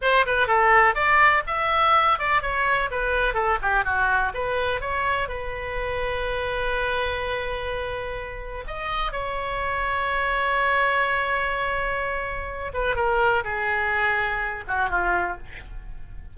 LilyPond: \new Staff \with { instrumentName = "oboe" } { \time 4/4 \tempo 4 = 125 c''8 b'8 a'4 d''4 e''4~ | e''8 d''8 cis''4 b'4 a'8 g'8 | fis'4 b'4 cis''4 b'4~ | b'1~ |
b'2 dis''4 cis''4~ | cis''1~ | cis''2~ cis''8 b'8 ais'4 | gis'2~ gis'8 fis'8 f'4 | }